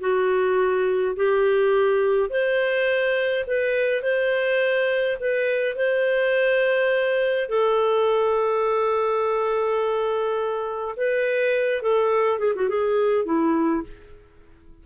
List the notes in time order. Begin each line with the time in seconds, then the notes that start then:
0.00 F#4
1.16 G4
2.29 C5
3.47 B4
4.02 C5
5.20 B4
5.76 C5
7.49 A4
10.96 B4
11.82 A4
12.39 G#4
12.55 F#4
12.69 G#4
13.25 E4